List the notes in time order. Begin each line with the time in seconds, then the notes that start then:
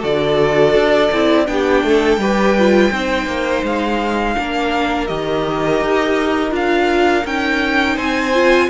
0.00 D3 F#4 A4 D5
0.75 D4
1.12 C4 E4
1.47 B3 D4 G4 G5
1.84 A3 A4
2.18 G3 G4 B4
2.59 F4
2.92 C4 D#4 C5
3.27 A#3
3.64 G#3 F5
4.36 A#3 D4 A#4
5.07 D#3 G4 D#5
5.81 D#4
6.51 D4 F4 F5
7.25 C#4 D#4 G5
7.96 C4 C5 G#5
8.34 F4